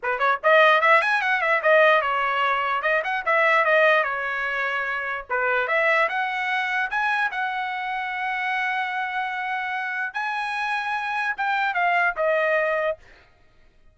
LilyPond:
\new Staff \with { instrumentName = "trumpet" } { \time 4/4 \tempo 4 = 148 b'8 cis''8 dis''4 e''8 gis''8 fis''8 e''8 | dis''4 cis''2 dis''8 fis''8 | e''4 dis''4 cis''2~ | cis''4 b'4 e''4 fis''4~ |
fis''4 gis''4 fis''2~ | fis''1~ | fis''4 gis''2. | g''4 f''4 dis''2 | }